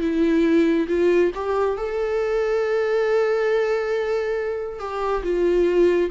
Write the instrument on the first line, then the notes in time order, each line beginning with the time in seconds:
viola
0.00 E4
0.88 F4
1.34 G4
1.77 A4
4.79 G4
5.23 F4